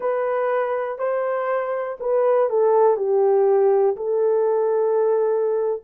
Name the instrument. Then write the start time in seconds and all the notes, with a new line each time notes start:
horn
0.00 B4
0.98 C5
1.99 B4
2.49 A4
2.97 G4
3.96 A4